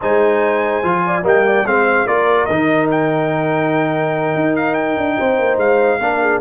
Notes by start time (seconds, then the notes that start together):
0.01 G#3 D#4 C5 G#5
0.83 F3 F4
1.06 D5
1.22 G3 A#3 D#5 G5
1.46 D5
1.65 G#3 C4 C5 F5
2.06 A#3 F4 A#4 D5
2.45 D#3 D#4 D#5
2.91 G5
4.34 D#4
4.56 F5
4.74 G5
4.97 D4
5.19 C4 C5
5.38 A#3
5.57 G#3 F5
5.99 A#3 D4 A#4
6.21 G#4